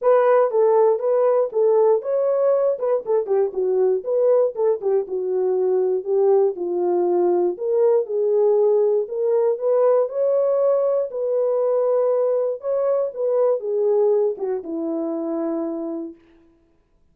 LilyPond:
\new Staff \with { instrumentName = "horn" } { \time 4/4 \tempo 4 = 119 b'4 a'4 b'4 a'4 | cis''4. b'8 a'8 g'8 fis'4 | b'4 a'8 g'8 fis'2 | g'4 f'2 ais'4 |
gis'2 ais'4 b'4 | cis''2 b'2~ | b'4 cis''4 b'4 gis'4~ | gis'8 fis'8 e'2. | }